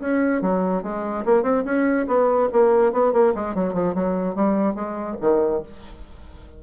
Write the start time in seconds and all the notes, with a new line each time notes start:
0.00 C#4
0.42 F#3
0.83 G#3
1.25 A#3
1.43 C4
1.65 C#4
2.07 B3
2.52 A#3
2.92 B3
3.13 A#3
3.35 G#3
3.55 F#3
3.73 F3
3.94 F#3
4.35 G3
4.75 G#3
5.21 D#3